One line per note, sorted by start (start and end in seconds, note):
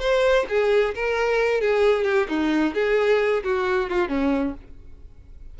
0.00 0.46 C5
0.49 0.95 G#4
0.95 1.61 A#4
1.61 2.05 G#4
2.05 2.28 G4
2.29 2.75 D#4
2.75 3.44 G#4
3.44 3.90 F#4
3.90 4.09 F4
4.09 4.55 C#4